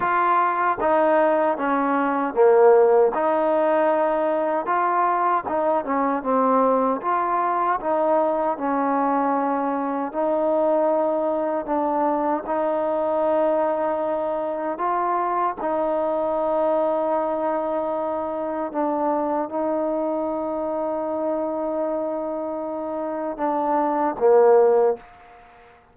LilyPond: \new Staff \with { instrumentName = "trombone" } { \time 4/4 \tempo 4 = 77 f'4 dis'4 cis'4 ais4 | dis'2 f'4 dis'8 cis'8 | c'4 f'4 dis'4 cis'4~ | cis'4 dis'2 d'4 |
dis'2. f'4 | dis'1 | d'4 dis'2.~ | dis'2 d'4 ais4 | }